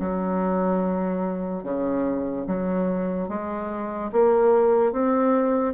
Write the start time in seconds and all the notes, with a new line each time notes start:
0.00 F#3
1.64 C#3
2.47 F#3
3.29 G#3
4.12 A#3
4.92 C4